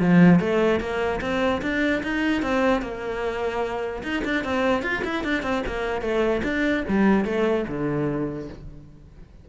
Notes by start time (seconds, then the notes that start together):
0.00 F3
0.40 A3
0.80 A#3
1.21 C4
1.62 D4
2.03 D#4
2.43 C4
2.82 A#3
4.03 D#4
4.25 D4
4.45 C4
4.83 F4
5.05 E4
5.24 D4
5.43 C4
5.67 A#3
6.02 A3
6.44 D4
6.89 G3
7.25 A3
7.68 D3